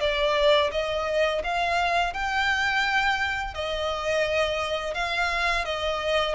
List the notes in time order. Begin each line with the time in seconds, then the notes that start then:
0.00 D5
0.72 D#5
1.44 F5
2.13 G5
3.54 D#5
4.94 F5
5.65 D#5